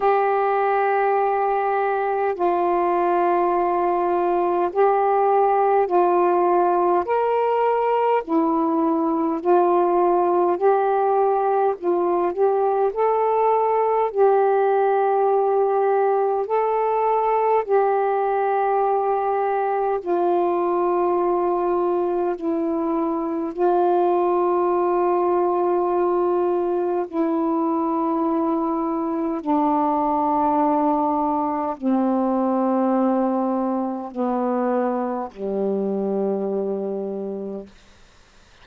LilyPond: \new Staff \with { instrumentName = "saxophone" } { \time 4/4 \tempo 4 = 51 g'2 f'2 | g'4 f'4 ais'4 e'4 | f'4 g'4 f'8 g'8 a'4 | g'2 a'4 g'4~ |
g'4 f'2 e'4 | f'2. e'4~ | e'4 d'2 c'4~ | c'4 b4 g2 | }